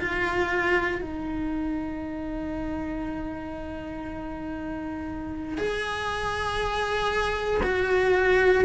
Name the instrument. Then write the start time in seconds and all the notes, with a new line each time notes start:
cello
0.00 F4
1.02 D#4
5.58 G#4
7.63 F#4